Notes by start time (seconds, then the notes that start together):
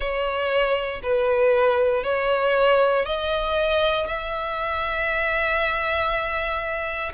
0.00 C#5
1.02 B4
2.03 C#5
3.05 D#5
4.07 E5